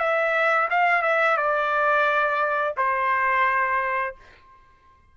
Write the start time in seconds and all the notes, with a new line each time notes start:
0.00 E5
0.71 F5
1.03 E5
1.37 D5
2.77 C5